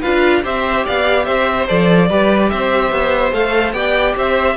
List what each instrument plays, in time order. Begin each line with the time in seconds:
0.00 cello D4, viola F4, violin B4 F5
0.43 cello C4, viola G4, violin C5 E5
0.85 cello B3, violin D5 F5
1.24 cello C4, violin C5 E5
1.67 cello F3, viola A4, violin D5
2.09 cello G3, viola G4, violin B4
2.49 cello C4, violin C5 E5
2.91 cello B3
3.32 cello A3, viola A4, violin F5
3.72 cello B3, viola G4, violin D5 G5
4.15 cello C4, violin C5 E5